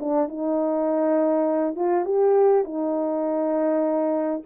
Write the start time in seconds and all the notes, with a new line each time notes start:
0.00 D4
0.29 D#4
1.76 F4
2.05 G4
2.65 D#4